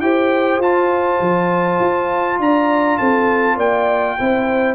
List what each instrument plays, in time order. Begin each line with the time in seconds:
0.00 tuba E4, trombone G4, horn C5, trumpet G5
0.58 tuba F4, trombone F4, trumpet A5
1.20 tuba F3
1.80 tuba F4
2.39 tuba D4, horn D5, trumpet A#5
2.98 tuba C4, horn A4, trumpet A5
3.55 tuba A#3, horn D5, trumpet G5
4.19 tuba C4, trombone E4, horn C5